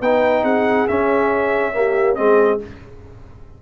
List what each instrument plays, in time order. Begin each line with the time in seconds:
0.00 tuba B3, trombone D#4, horn B4, trumpet G5
0.43 tuba C4, horn G#4, trumpet F#5
0.88 trombone C#4, tuba C#4, trumpet E5
1.73 trombone A#3, horn G4
2.15 tuba G#3, trombone C4, horn G#4, trumpet D#5